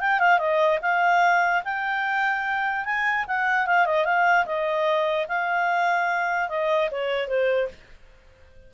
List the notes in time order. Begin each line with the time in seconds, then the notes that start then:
0.00 G5
0.19 F5
0.38 D#5
0.81 F5
1.64 G5
2.85 G#5
3.27 F#5
3.66 F5
3.85 D#5
4.04 F5
4.45 D#5
5.28 F5
6.49 D#5
6.91 C#5
7.27 C5